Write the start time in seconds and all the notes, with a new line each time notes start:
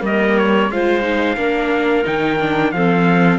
0.00 G3 A#3 A#4 D#5
0.38 C#5
0.69 G#3 F4 C5 F5
1.02 D#4
1.37 A#3 D4 A#4
2.04 D#3 D#4 G5
2.40 D4
2.72 F3 C4 A4 F5